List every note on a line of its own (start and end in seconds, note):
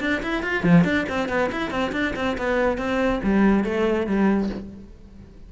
0.00 0.21 D4
0.23 0.42 E4
0.42 0.63 F4
0.63 0.84 F3
0.84 1.05 D4
1.09 1.28 C4
1.28 1.50 B3
1.52 1.70 E4
1.70 1.92 C4
1.92 2.14 D4
2.15 2.37 C4
2.38 2.78 B3
2.78 3.20 C4
3.23 3.64 G3
3.64 4.06 A3
4.06 4.49 G3